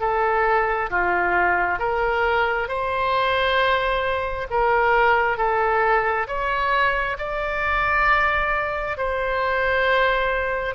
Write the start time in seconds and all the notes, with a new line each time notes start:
0.00 A4
0.90 F4
1.79 A#4
2.68 C5
4.50 A#4
5.37 A4
6.27 C#5
7.18 D5
8.97 C5